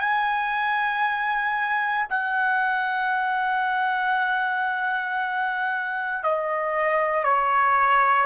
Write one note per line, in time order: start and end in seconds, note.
0.00 2.07 G#5
2.09 6.23 F#5
6.23 7.24 D#5
7.24 8.26 C#5